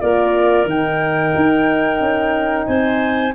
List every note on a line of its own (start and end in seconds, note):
0.00 0.65 A#3
0.00 0.66 F4
0.00 2.67 A#4
0.00 0.67 D5
0.65 1.32 D#3
0.65 3.33 D#4
0.65 2.66 G5
1.35 2.00 D#4
2.00 2.67 C#4
2.66 3.34 C4
2.66 3.33 C5
2.66 3.33 G#5